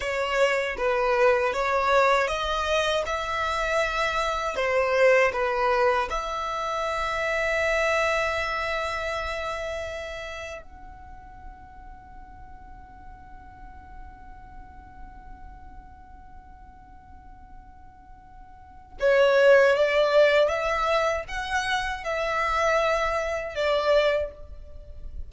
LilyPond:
\new Staff \with { instrumentName = "violin" } { \time 4/4 \tempo 4 = 79 cis''4 b'4 cis''4 dis''4 | e''2 c''4 b'4 | e''1~ | e''2 fis''2~ |
fis''1~ | fis''1~ | fis''4 cis''4 d''4 e''4 | fis''4 e''2 d''4 | }